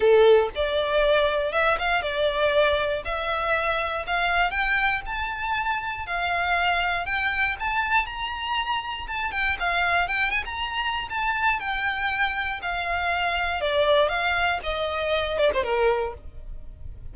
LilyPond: \new Staff \with { instrumentName = "violin" } { \time 4/4 \tempo 4 = 119 a'4 d''2 e''8 f''8 | d''2 e''2 | f''4 g''4 a''2 | f''2 g''4 a''4 |
ais''2 a''8 g''8 f''4 | g''8 gis''16 ais''4~ ais''16 a''4 g''4~ | g''4 f''2 d''4 | f''4 dis''4. d''16 c''16 ais'4 | }